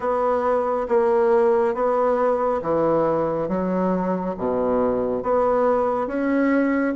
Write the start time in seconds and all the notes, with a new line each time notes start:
0.00 B3
0.88 A#3
1.74 B3
2.61 E3
3.48 F#3
4.37 B2
5.23 B3
6.07 C#4